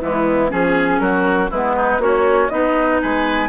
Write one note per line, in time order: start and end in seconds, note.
0.00 0.53 E3
0.00 0.50 G#3
0.00 0.51 B3
0.00 0.50 E4
0.50 1.00 F3
0.50 1.50 C#4
0.50 1.01 G#4
0.50 1.00 G#4
1.00 1.50 F#3
1.00 1.51 F#4
1.00 1.50 A#4
1.51 1.99 G#3
1.51 2.01 B3
1.51 1.76 E4
1.51 2.02 B4
1.77 2.02 D#4
1.99 2.49 A#3
1.99 2.52 C#4
1.99 2.50 F#4
1.99 2.50 C#5
2.50 3.01 B3
2.50 3.02 B3
2.50 3.50 D#4
2.50 3.00 D#5
3.02 3.50 G#3
3.02 3.50 B4
3.02 3.50 G#5